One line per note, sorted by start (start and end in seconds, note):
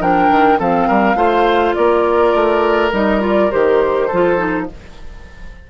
0.00 0.29 F3
0.00 0.58 D4
0.00 0.59 A#4
0.00 0.60 G5
0.30 0.59 D#3
0.58 0.89 F3
0.58 1.16 C4
0.58 0.88 A4
0.58 1.75 F5
0.88 1.15 G3
0.88 1.17 A#4
1.15 1.73 A3
1.15 2.91 F4
1.15 1.75 C5
1.75 2.33 A#3
1.75 4.07 A#4
1.75 2.91 D5
2.33 2.92 A3
2.92 3.50 G3
2.92 3.20 D#4
2.92 3.22 D#5
3.20 3.49 F4
3.20 3.51 D5
3.51 4.11 D#3
3.51 4.09 G4
3.51 4.67 C5
4.07 4.70 F3
4.07 4.37 F4
4.07 4.65 A4
4.37 4.66 D#4